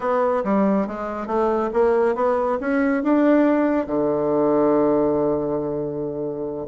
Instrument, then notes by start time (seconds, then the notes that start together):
bassoon
0.00 B3
0.44 G3
0.87 G#3
1.27 A3
1.73 A#3
2.15 B3
2.60 C#4
3.03 D4
3.86 D3